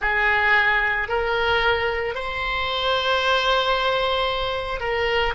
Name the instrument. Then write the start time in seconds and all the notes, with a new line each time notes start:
oboe
0.01 G#4
1.08 A#4
2.14 C5
4.80 A#4